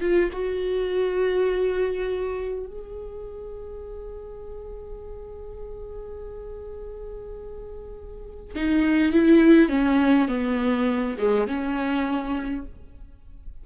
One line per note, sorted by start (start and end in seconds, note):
0.00 0.29 F4
0.32 2.66 F#4
2.66 8.54 G#4
8.55 9.12 D#4
9.12 9.69 E4
9.69 10.28 C#4
10.28 11.16 B3
11.18 11.47 G#3
11.47 12.65 C#4